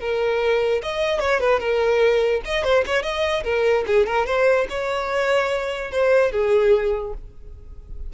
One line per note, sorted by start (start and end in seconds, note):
0.00 0.82 A#4
0.82 1.19 D#5
1.19 1.40 C#5
1.40 1.60 B4
1.60 2.41 A#4
2.45 2.64 D#5
2.64 2.84 C5
2.86 3.02 C#5
3.02 3.43 D#5
3.44 3.85 A#4
3.86 4.06 G#4
4.06 4.26 A#4
4.26 4.67 C5
4.69 5.91 C#5
5.91 6.32 C5
6.32 7.13 G#4